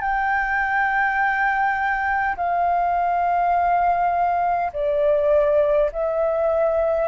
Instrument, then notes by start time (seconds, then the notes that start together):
flute
0.00 G5
2.36 F5
4.73 D5
5.92 E5